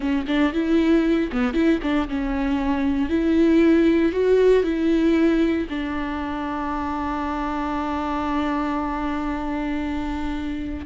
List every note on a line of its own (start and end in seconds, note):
0.00 0.25 C#4
0.27 0.52 D4
0.52 1.30 E4
1.32 1.53 B3
1.53 1.79 E4
1.82 2.08 D4
2.08 3.09 C#4
3.09 4.12 E4
4.12 4.63 F#4
4.63 5.67 E4
5.69 10.86 D4